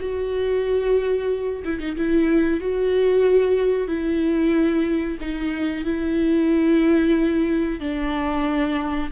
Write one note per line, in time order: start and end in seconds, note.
0.00 1.63 F#4
1.65 1.80 E4
1.80 1.96 D#4
1.97 2.60 E4
2.60 3.88 F#4
3.88 5.18 E4
5.21 5.85 D#4
5.85 7.80 E4
7.80 9.10 D4